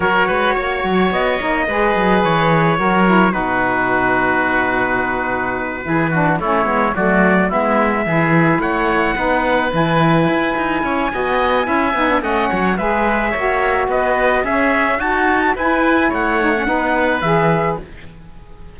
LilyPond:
<<
  \new Staff \with { instrumentName = "trumpet" } { \time 4/4 \tempo 4 = 108 cis''2 dis''2 | cis''2 b'2~ | b'2.~ b'8 cis''8~ | cis''8 d''4 e''2 fis''8~ |
fis''4. gis''2~ gis''8~ | gis''2 fis''4 e''4~ | e''4 dis''4 e''4 a''4 | gis''4 fis''2 e''4 | }
  \new Staff \with { instrumentName = "oboe" } { \time 4/4 ais'8 b'8 cis''2 b'4~ | b'4 ais'4 fis'2~ | fis'2~ fis'8 gis'8 fis'8 e'8~ | e'8 fis'4 e'4 gis'4 cis''8~ |
cis''8 b'2. cis''8 | dis''4 e''4 dis''8 cis''8 b'4 | cis''4 b'4 gis'4 fis'4 | b'4 cis''4 b'2 | }
  \new Staff \with { instrumentName = "saxophone" } { \time 4/4 fis'2~ fis'8 dis'8 gis'4~ | gis'4 fis'8 e'8 dis'2~ | dis'2~ dis'8 e'8 d'8 cis'8 | b8 a4 b4 e'4.~ |
e'8 dis'4 e'2~ e'8 | fis'4 e'8 dis'16 d'16 cis'4 gis'4 | fis'2 cis'4 fis'4 | e'4. dis'16 cis'16 dis'4 gis'4 | }
  \new Staff \with { instrumentName = "cello" } { \time 4/4 fis8 gis8 ais8 fis8 b8 ais8 gis8 fis8 | e4 fis4 b,2~ | b,2~ b,8 e4 a8 | gis8 fis4 gis4 e4 a8~ |
a8 b4 e4 e'8 dis'8 cis'8 | b4 cis'8 b8 a8 fis8 gis4 | ais4 b4 cis'4 dis'4 | e'4 a4 b4 e4 | }
>>